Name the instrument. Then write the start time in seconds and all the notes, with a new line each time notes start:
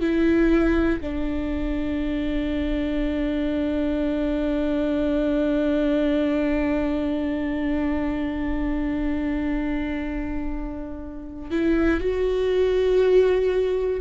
viola
0.00 E4
1.01 D4
11.51 E4
12.00 F#4